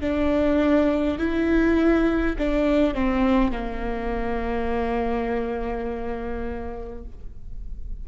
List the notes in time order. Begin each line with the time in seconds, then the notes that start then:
0.00 D4
1.18 E4
2.38 D4
2.94 C4
3.51 A#3